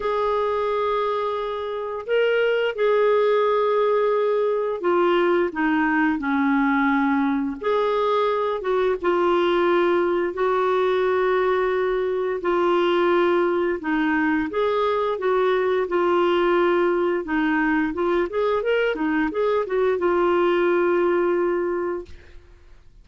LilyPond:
\new Staff \with { instrumentName = "clarinet" } { \time 4/4 \tempo 4 = 87 gis'2. ais'4 | gis'2. f'4 | dis'4 cis'2 gis'4~ | gis'8 fis'8 f'2 fis'4~ |
fis'2 f'2 | dis'4 gis'4 fis'4 f'4~ | f'4 dis'4 f'8 gis'8 ais'8 dis'8 | gis'8 fis'8 f'2. | }